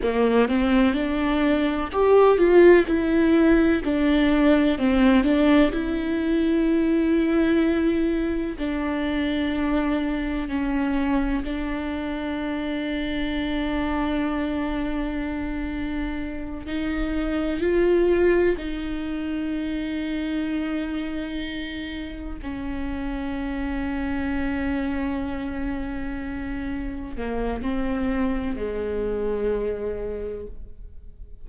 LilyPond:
\new Staff \with { instrumentName = "viola" } { \time 4/4 \tempo 4 = 63 ais8 c'8 d'4 g'8 f'8 e'4 | d'4 c'8 d'8 e'2~ | e'4 d'2 cis'4 | d'1~ |
d'4. dis'4 f'4 dis'8~ | dis'2.~ dis'8 cis'8~ | cis'1~ | cis'8 ais8 c'4 gis2 | }